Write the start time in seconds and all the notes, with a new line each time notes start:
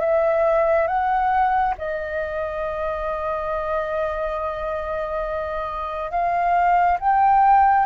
0.00 E5
0.87 F#5
1.78 D#5
6.11 F5
7.00 G5